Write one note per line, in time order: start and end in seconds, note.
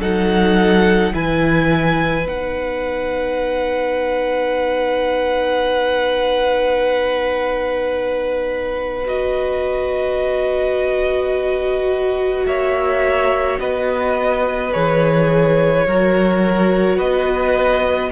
0.00 1.13 F#3
0.00 1.13 D#4
0.00 1.13 A4
0.00 1.14 F#5
1.13 2.25 E3
1.13 2.25 E4
1.13 12.47 B4
1.13 2.28 G#5
2.25 12.43 B3
2.25 9.05 D#4
2.25 9.07 F#5
9.05 14.71 F#4
9.05 12.46 D#5
12.46 13.59 A#3
12.46 13.60 C#5
12.46 13.59 E5
13.60 14.73 B3
13.60 15.87 B4
13.60 14.73 D#5
14.72 15.86 E3
14.72 15.85 G#4
14.72 16.99 C#5
15.86 16.99 F#3
15.86 18.12 F#4
15.86 16.97 A#4
16.97 18.12 B3
16.97 18.10 B4
16.97 18.12 D#5